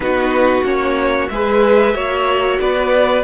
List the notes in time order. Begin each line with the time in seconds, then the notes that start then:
0.00 B3 D#4 F#4 B4
0.64 A#3 C#4 C#5
1.28 G#3 G#4 B4 E5
1.93 A#3 F#4 C#5
2.59 B3 B4 D5